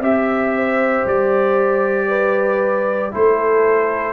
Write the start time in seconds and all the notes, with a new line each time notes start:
0.00 C4 G4 E5
0.55 C5
1.05 G3 D5
2.08 B4
3.11 A3 E4 A4 C5